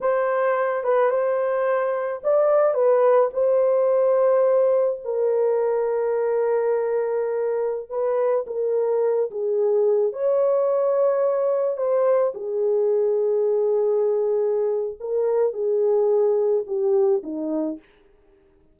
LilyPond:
\new Staff \with { instrumentName = "horn" } { \time 4/4 \tempo 4 = 108 c''4. b'8 c''2 | d''4 b'4 c''2~ | c''4 ais'2.~ | ais'2~ ais'16 b'4 ais'8.~ |
ais'8. gis'4. cis''4.~ cis''16~ | cis''4~ cis''16 c''4 gis'4.~ gis'16~ | gis'2. ais'4 | gis'2 g'4 dis'4 | }